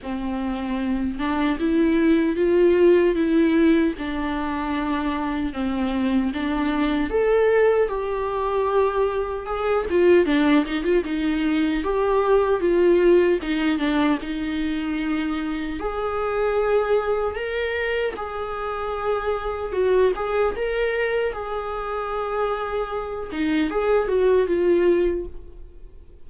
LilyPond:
\new Staff \with { instrumentName = "viola" } { \time 4/4 \tempo 4 = 76 c'4. d'8 e'4 f'4 | e'4 d'2 c'4 | d'4 a'4 g'2 | gis'8 f'8 d'8 dis'16 f'16 dis'4 g'4 |
f'4 dis'8 d'8 dis'2 | gis'2 ais'4 gis'4~ | gis'4 fis'8 gis'8 ais'4 gis'4~ | gis'4. dis'8 gis'8 fis'8 f'4 | }